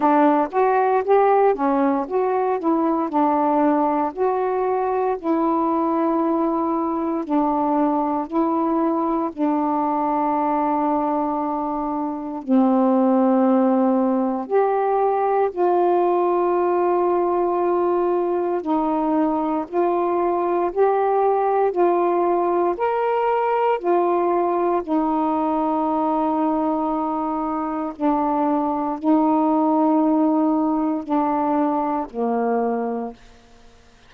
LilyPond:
\new Staff \with { instrumentName = "saxophone" } { \time 4/4 \tempo 4 = 58 d'8 fis'8 g'8 cis'8 fis'8 e'8 d'4 | fis'4 e'2 d'4 | e'4 d'2. | c'2 g'4 f'4~ |
f'2 dis'4 f'4 | g'4 f'4 ais'4 f'4 | dis'2. d'4 | dis'2 d'4 ais4 | }